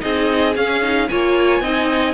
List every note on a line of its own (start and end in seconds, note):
0.00 0.55 C4
0.00 0.54 D#4
0.00 1.10 G#4
0.00 0.55 D#5
0.55 1.09 C#4
0.55 0.82 C#4
0.55 1.08 F5
0.82 1.09 D#4
1.08 1.60 A#3
1.08 1.63 F4
1.08 1.61 C#5
1.08 2.14 G#5
1.60 2.14 C4
1.60 2.14 D#4
1.60 2.14 D#5